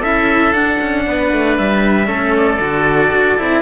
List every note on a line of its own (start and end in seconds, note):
0.00 0.53 C#4
0.00 0.55 E4
0.00 1.03 A4
0.00 0.53 E5
0.53 0.79 D4
0.53 2.07 D4
0.53 1.57 F#5
0.81 1.07 C#4
1.07 1.33 B3
1.07 2.08 B4
1.33 1.59 A3
1.58 2.09 G3
1.58 2.36 E5
2.07 2.60 A3
2.07 2.58 C#4
2.07 3.62 A4
2.37 3.62 D5
2.60 3.11 D3
2.60 3.38 F#4
3.12 3.38 D4
3.39 3.62 C4
3.39 3.62 E4